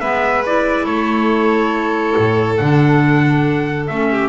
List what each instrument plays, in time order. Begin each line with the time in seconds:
0.00 double bass G#3, clarinet B3, violin B4, trumpet E5
0.46 clarinet E4, trumpet D5
0.85 double bass A3, violin A4, trumpet C#5
2.17 double bass A2
2.57 double bass D3, clarinet D4, trumpet F#5
3.87 double bass A3, clarinet C#4, trumpet E5
4.11 violin G4